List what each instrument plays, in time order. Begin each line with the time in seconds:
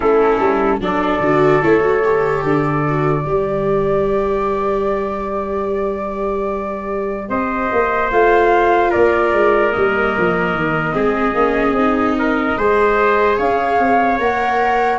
0.00 tuba A3, viola C#4, trumpet E4, flute A4
0.39 tuba G3
0.80 tuba F#3, viola D4, trumpet A4, flute D5
1.20 tuba D3, viola F#4
1.62 tuba A3, viola E4, flute C#5
1.80 viola F#4
2.04 viola G4
2.43 tuba D3, flute D5
2.87 viola F#4
3.24 tuba G3, viola G4, trumpet B4
7.28 tuba C4, trumpet C5, flute D#5
7.72 tuba A#3
8.10 tuba A3, viola F4, flute F5
8.90 tuba A#3, trumpet A#4, flute D5
9.32 tuba G#3
9.71 tuba G3, viola A#3, flute D#5
10.18 tuba F3
10.54 tuba D#3
10.92 tuba G#3, viola C4, trumpet G#4
11.34 tuba A#3, viola C#4
11.72 tuba C4, viola D#4
12.18 trumpet A#4
12.57 tuba G#3, viola G#4, trumpet C5
13.37 tuba C#4, trumpet C#5, flute F5
13.79 tuba C4
14.19 tuba A#3, viola A#4, flute F#5